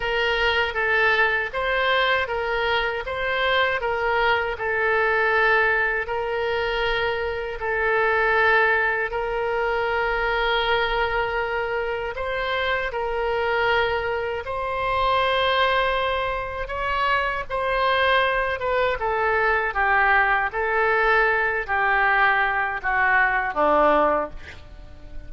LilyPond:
\new Staff \with { instrumentName = "oboe" } { \time 4/4 \tempo 4 = 79 ais'4 a'4 c''4 ais'4 | c''4 ais'4 a'2 | ais'2 a'2 | ais'1 |
c''4 ais'2 c''4~ | c''2 cis''4 c''4~ | c''8 b'8 a'4 g'4 a'4~ | a'8 g'4. fis'4 d'4 | }